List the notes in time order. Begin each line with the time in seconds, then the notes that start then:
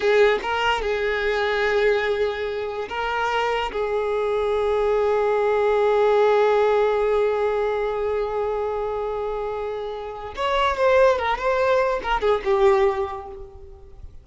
0.00 G#4
0.42 A#4
0.81 G#4
2.88 A#4
3.71 G#4
10.36 C#5
10.77 C5
11.18 A#4
11.38 C5
12.02 A#4
12.20 G#4
12.44 G4